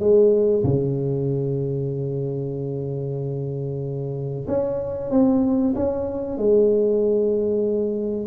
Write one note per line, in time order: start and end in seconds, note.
0.00 0.64 G#3
0.64 4.47 C#3
4.48 5.11 C#4
5.11 5.74 C4
5.76 6.38 C#4
6.38 8.27 G#3